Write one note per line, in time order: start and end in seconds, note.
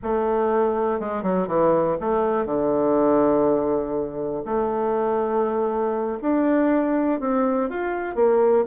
0.02 1.00 A3
1.00 1.22 G#3
1.22 1.47 F#3
1.47 1.97 E3
2.00 2.45 A3
2.45 4.44 D3
4.45 6.18 A3
6.21 7.20 D4
7.20 7.69 C4
7.69 8.15 F4
8.15 8.64 A#3